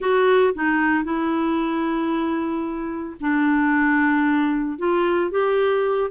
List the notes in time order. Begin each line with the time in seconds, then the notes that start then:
0.00 F#4
0.54 D#4
1.04 E4
3.20 D4
4.78 F4
5.30 G4